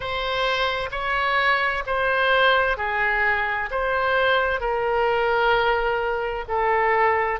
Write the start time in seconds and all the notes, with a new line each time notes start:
0.00 C5
0.91 C#5
1.86 C5
2.77 G#4
3.70 C5
4.60 A#4
6.47 A4